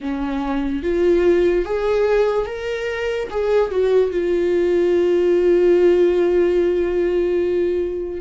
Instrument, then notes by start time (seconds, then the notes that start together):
viola
0.00 C#4
0.83 F4
1.65 G#4
2.46 A#4
3.30 G#4
3.70 F#4
4.11 F4